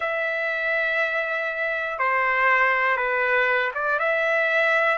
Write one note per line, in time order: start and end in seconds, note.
0.00 1.99 E5
1.99 2.96 C5
2.96 3.71 B4
3.74 3.99 D5
3.99 4.97 E5